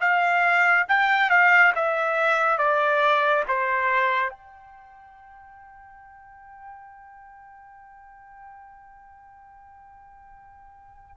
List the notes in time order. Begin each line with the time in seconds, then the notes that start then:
0.00 F5
0.88 G5
1.30 F5
1.75 E5
2.58 D5
3.48 C5
4.30 G5